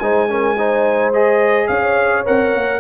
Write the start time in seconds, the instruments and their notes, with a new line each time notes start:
0.00 tuba G#3, trombone D#4, horn C5, trumpet G#5
0.29 trombone C#4, horn A#4
0.58 trombone D#4, horn C5
1.14 trombone G#4, trumpet D#5
1.68 tuba C#4, horn C#5, trumpet F5
2.25 tuba C4, trombone A#4, trumpet F#5
2.55 tuba A#3